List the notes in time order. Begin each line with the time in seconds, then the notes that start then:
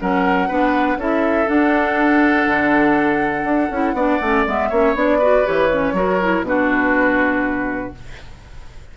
0.00 F#3 C#4 A#4 F#5
0.48 B3 D4 B4
0.97 C#4 E4 A4 E5
1.47 D4 F#5
2.47 D3
3.44 D4
3.70 C#4 E4
3.93 B3 D4 D5
4.21 A3 C#4
4.46 G#3 B3 E5
4.69 A#3 C#4 C#5
4.95 B3 D4 D5
5.19 F#4 B4
5.45 E3 G4 C#5
5.70 C#4
5.93 F#3 F#4 A#4
6.21 E4
6.42 B2 D4 B4
6.48 F#4